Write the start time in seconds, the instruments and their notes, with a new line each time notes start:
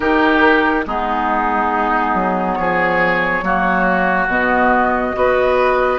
0.00 bassoon D#3, clarinet D#4, oboe G4, flute A#4
0.86 bassoon G#3, clarinet B3, oboe D#4, flute G#4
2.14 bassoon F#3
2.54 bassoon F3, oboe G#4, flute C#5
3.42 bassoon F#3, clarinet A#3, oboe F#4
4.27 bassoon B2, clarinet B3, flute D#5
5.13 bassoon B3, clarinet F#4, oboe B4